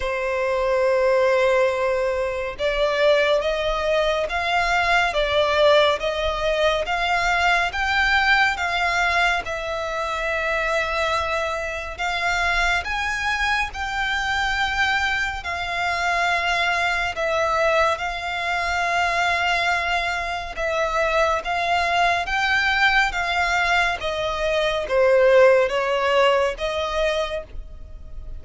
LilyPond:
\new Staff \with { instrumentName = "violin" } { \time 4/4 \tempo 4 = 70 c''2. d''4 | dis''4 f''4 d''4 dis''4 | f''4 g''4 f''4 e''4~ | e''2 f''4 gis''4 |
g''2 f''2 | e''4 f''2. | e''4 f''4 g''4 f''4 | dis''4 c''4 cis''4 dis''4 | }